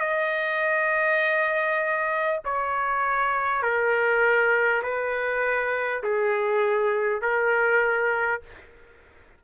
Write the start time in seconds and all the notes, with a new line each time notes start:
0.00 D#5
2.44 C#5
3.62 A#4
4.82 B4
6.03 G#4
7.21 A#4